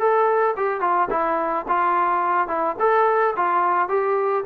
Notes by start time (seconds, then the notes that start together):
0.00 A4
0.57 G4
0.81 F4
1.11 E4
1.69 F4
2.48 E4
2.80 A4
3.37 F4
3.89 G4